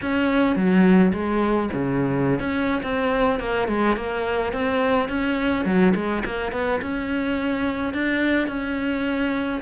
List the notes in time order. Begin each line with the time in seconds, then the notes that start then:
0.01 C#4
0.55 F#3
1.13 G#3
1.73 C#3
2.39 C#4
2.83 C4
3.39 A#3
3.68 G#3
3.96 A#3
4.53 C4
5.08 C#4
5.65 F#3
5.95 G#3
6.25 A#3
6.52 B3
6.81 C#4
7.93 D4
8.47 C#4